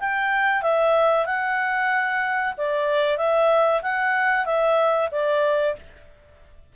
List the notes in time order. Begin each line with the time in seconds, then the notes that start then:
0.00 G5
0.63 E5
1.26 F#5
2.58 D5
3.18 E5
3.83 F#5
4.46 E5
5.12 D5